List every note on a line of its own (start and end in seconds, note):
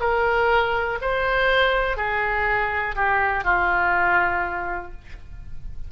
0.00 0.98 A#4
1.01 1.97 C5
1.97 2.95 G#4
2.96 3.44 G4
3.44 4.92 F4